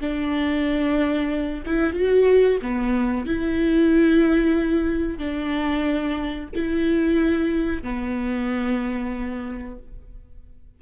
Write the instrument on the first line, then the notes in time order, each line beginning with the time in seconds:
viola
0.00 D4
1.66 E4
1.93 F#4
2.62 B3
3.26 E4
5.18 D4
6.55 E4
7.83 B3